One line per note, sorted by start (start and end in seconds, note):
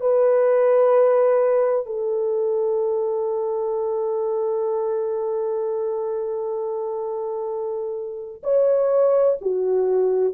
0.00 1.86 B4
1.86 8.42 A4
8.43 9.37 C#5
9.41 10.33 F#4